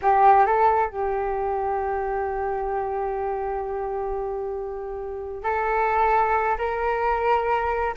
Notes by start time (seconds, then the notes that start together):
0.01 G4
0.46 A4
0.90 G4
5.43 A4
6.57 A#4